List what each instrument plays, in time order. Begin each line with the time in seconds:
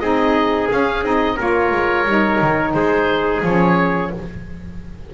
0.00 double bass C4, saxophone D#4, trumpet G#4, oboe D#5
0.71 saxophone C#4, double bass C#4, oboe F5
1.03 double bass C4, saxophone D#4, oboe D#5
1.36 double bass A#3, saxophone F4, trumpet A#4, oboe C#5
1.72 double bass G#3
2.06 double bass G3, saxophone D#4
2.41 double bass D#3
2.74 double bass G#3, trumpet G#4, oboe C5
3.43 double bass F3, saxophone C#4, oboe C#5